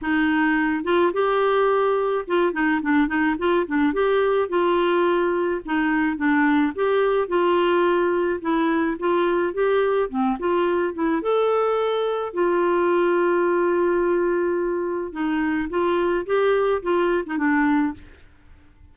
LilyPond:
\new Staff \with { instrumentName = "clarinet" } { \time 4/4 \tempo 4 = 107 dis'4. f'8 g'2 | f'8 dis'8 d'8 dis'8 f'8 d'8 g'4 | f'2 dis'4 d'4 | g'4 f'2 e'4 |
f'4 g'4 c'8 f'4 e'8 | a'2 f'2~ | f'2. dis'4 | f'4 g'4 f'8. dis'16 d'4 | }